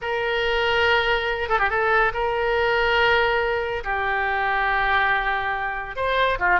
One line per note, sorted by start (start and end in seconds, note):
0.01 1.48 A#4
1.48 1.58 A4
1.58 1.69 G4
1.69 2.12 A4
2.13 3.83 A#4
3.83 5.96 G4
5.96 6.38 C5
6.39 6.60 F4